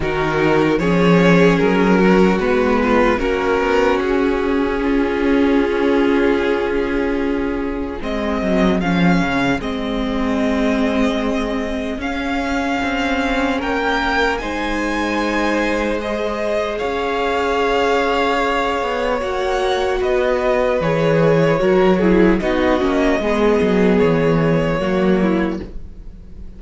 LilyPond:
<<
  \new Staff \with { instrumentName = "violin" } { \time 4/4 \tempo 4 = 75 ais'4 cis''4 ais'4 b'4 | ais'4 gis'2.~ | gis'2 dis''4 f''4 | dis''2. f''4~ |
f''4 g''4 gis''2 | dis''4 f''2. | fis''4 dis''4 cis''2 | dis''2 cis''2 | }
  \new Staff \with { instrumentName = "violin" } { \time 4/4 fis'4 gis'4. fis'4 f'8 | fis'2 f'2~ | f'2 gis'2~ | gis'1~ |
gis'4 ais'4 c''2~ | c''4 cis''2.~ | cis''4 b'2 ais'8 gis'8 | fis'4 gis'2 fis'8 e'8 | }
  \new Staff \with { instrumentName = "viola" } { \time 4/4 dis'4 cis'2 b4 | cis'1~ | cis'2 c'4 cis'4 | c'2. cis'4~ |
cis'2 dis'2 | gis'1 | fis'2 gis'4 fis'8 e'8 | dis'8 cis'8 b2 ais4 | }
  \new Staff \with { instrumentName = "cello" } { \time 4/4 dis4 f4 fis4 gis4 | ais8 b8 cis'2.~ | cis'2 gis8 fis8 f8 cis8 | gis2. cis'4 |
c'4 ais4 gis2~ | gis4 cis'2~ cis'8 b8 | ais4 b4 e4 fis4 | b8 ais8 gis8 fis8 e4 fis4 | }
>>